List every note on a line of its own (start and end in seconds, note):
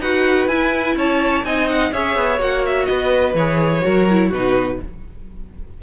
0.00 0.48 D#4
0.00 0.51 F#4
0.00 0.97 B4
0.00 0.48 F#5
0.48 0.96 E4
0.48 1.45 E4
0.48 0.96 G#5
0.96 1.44 C#4
0.96 1.46 C#5
0.96 1.45 A5
1.44 1.92 C4
1.44 1.93 D#4
1.44 1.93 D#5
1.44 1.69 G#5
1.69 1.93 F#5
1.93 2.17 C#4
1.93 2.39 G#4
1.93 2.89 C#5
1.93 2.41 E5
2.17 2.40 B3
2.39 2.88 A#3
2.39 3.35 F#4
2.39 2.66 F#5
2.66 2.87 E5
2.87 3.34 B3
2.87 3.85 B4
2.87 3.35 D#5
3.34 3.82 E3
3.34 3.82 G#4
3.34 4.32 C#5
3.82 4.32 F#3
3.82 4.06 F#4
3.82 4.30 A#4
4.11 4.35 E4
4.30 4.80 B2
4.30 4.83 D#4
4.30 4.78 F#4
4.30 4.81 B4